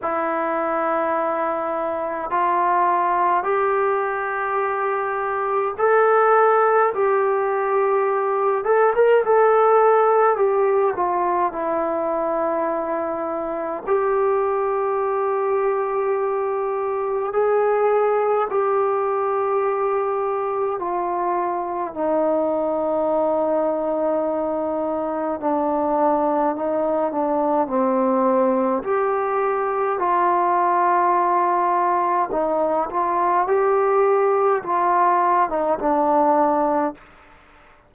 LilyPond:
\new Staff \with { instrumentName = "trombone" } { \time 4/4 \tempo 4 = 52 e'2 f'4 g'4~ | g'4 a'4 g'4. a'16 ais'16 | a'4 g'8 f'8 e'2 | g'2. gis'4 |
g'2 f'4 dis'4~ | dis'2 d'4 dis'8 d'8 | c'4 g'4 f'2 | dis'8 f'8 g'4 f'8. dis'16 d'4 | }